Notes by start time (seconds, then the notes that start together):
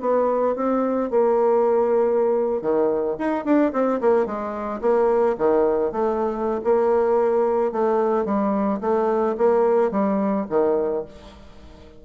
0.00 B3
0.55 C4
1.10 A#3
2.61 D#3
3.18 D#4
3.44 D4
3.72 C4
4.00 A#3
4.25 G#3
4.81 A#3
5.38 D#3
5.91 A3
6.64 A#3
7.71 A3
8.25 G3
8.80 A3
9.37 A#3
9.91 G3
10.49 D#3